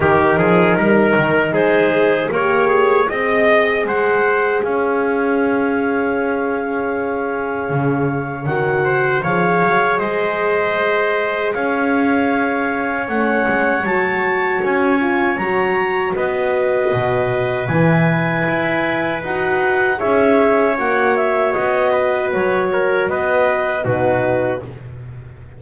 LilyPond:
<<
  \new Staff \with { instrumentName = "clarinet" } { \time 4/4 \tempo 4 = 78 ais'2 c''4 ais'8 gis'8 | dis''4 fis''4 f''2~ | f''2. fis''4 | f''4 dis''2 f''4~ |
f''4 fis''4 a''4 gis''4 | ais''4 dis''2 gis''4~ | gis''4 fis''4 e''4 fis''8 e''8 | dis''4 cis''4 dis''4 b'4 | }
  \new Staff \with { instrumentName = "trumpet" } { \time 4/4 g'8 gis'8 ais'4 gis'4 cis''4 | dis''4 c''4 cis''2~ | cis''2.~ cis''8 c''8 | cis''4 c''2 cis''4~ |
cis''1~ | cis''4 b'2.~ | b'2 cis''2~ | cis''8 b'4 ais'8 b'4 fis'4 | }
  \new Staff \with { instrumentName = "horn" } { \time 4/4 dis'2. g'4 | gis'1~ | gis'2. fis'4 | gis'1~ |
gis'4 cis'4 fis'4. f'8 | fis'2. e'4~ | e'4 fis'4 gis'4 fis'4~ | fis'2. dis'4 | }
  \new Staff \with { instrumentName = "double bass" } { \time 4/4 dis8 f8 g8 dis8 gis4 ais4 | c'4 gis4 cis'2~ | cis'2 cis4 dis4 | f8 fis8 gis2 cis'4~ |
cis'4 a8 gis8 fis4 cis'4 | fis4 b4 b,4 e4 | e'4 dis'4 cis'4 ais4 | b4 fis4 b4 b,4 | }
>>